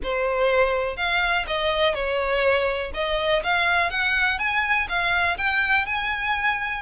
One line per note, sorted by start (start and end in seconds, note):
0.03 0.96 C5
0.96 1.45 F5
1.47 1.94 D#5
1.94 2.91 C#5
2.94 3.42 D#5
3.43 3.90 F5
3.90 4.38 F#5
4.38 4.87 G#5
4.88 5.37 F5
5.37 5.86 G5
5.86 6.82 G#5